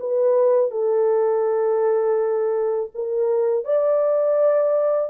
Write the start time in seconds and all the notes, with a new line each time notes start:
0.00 B4
0.71 A4
2.95 A#4
3.65 D5